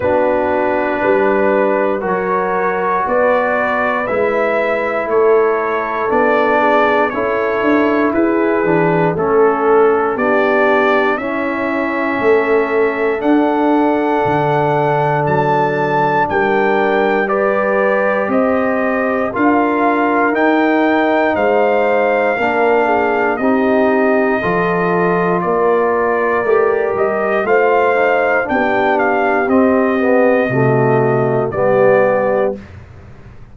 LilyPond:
<<
  \new Staff \with { instrumentName = "trumpet" } { \time 4/4 \tempo 4 = 59 b'2 cis''4 d''4 | e''4 cis''4 d''4 cis''4 | b'4 a'4 d''4 e''4~ | e''4 fis''2 a''4 |
g''4 d''4 dis''4 f''4 | g''4 f''2 dis''4~ | dis''4 d''4. dis''8 f''4 | g''8 f''8 dis''2 d''4 | }
  \new Staff \with { instrumentName = "horn" } { \time 4/4 fis'4 b'4 ais'4 b'4~ | b'4 a'4. gis'8 a'4 | gis'4 a'4 g'4 e'4 | a'1 |
ais'4 b'4 c''4 ais'4~ | ais'4 c''4 ais'8 gis'8 g'4 | a'4 ais'2 c''4 | g'2 fis'4 g'4 | }
  \new Staff \with { instrumentName = "trombone" } { \time 4/4 d'2 fis'2 | e'2 d'4 e'4~ | e'8 d'8 cis'4 d'4 cis'4~ | cis'4 d'2.~ |
d'4 g'2 f'4 | dis'2 d'4 dis'4 | f'2 g'4 f'8 dis'8 | d'4 c'8 b8 a4 b4 | }
  \new Staff \with { instrumentName = "tuba" } { \time 4/4 b4 g4 fis4 b4 | gis4 a4 b4 cis'8 d'8 | e'8 e8 a4 b4 cis'4 | a4 d'4 d4 fis4 |
g2 c'4 d'4 | dis'4 gis4 ais4 c'4 | f4 ais4 a8 g8 a4 | b4 c'4 c4 g4 | }
>>